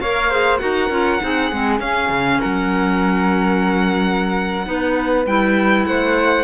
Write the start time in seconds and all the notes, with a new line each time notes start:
0.00 A#3 A#4 C#5 F5
0.30 G#4 C5
0.58 D#4 F#4 A#4 F#5
0.89 C#4 F4
1.20 C4 D#4 G#4
1.51 G#3 C4
1.78 C#4 F5
2.09 C#3
2.40 F#3 A#4 F#5
4.65 B3 D#4 B4
5.25 G3 E4 G5
5.85 A3 C5 F#5